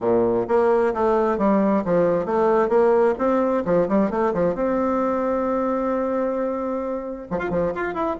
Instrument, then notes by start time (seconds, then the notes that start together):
bassoon
0.00 A#2
0.48 A#3
0.93 A3
1.38 G3
1.84 F3
2.25 A3
2.68 A#3
3.18 C4
3.65 F3
3.88 G3
4.10 A3
4.33 F3
4.54 C4
7.31 F3
7.38 F4
7.50 F3
7.75 F4
7.93 E4